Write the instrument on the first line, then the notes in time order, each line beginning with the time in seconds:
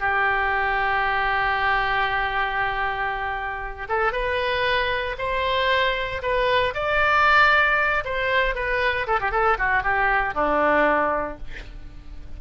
oboe
0.00 G4
3.89 A4
4.12 B4
5.18 C5
6.22 B4
6.74 D5
8.05 C5
8.55 B4
9.07 A4
9.20 G4
9.32 A4
9.58 F#4
9.83 G4
10.34 D4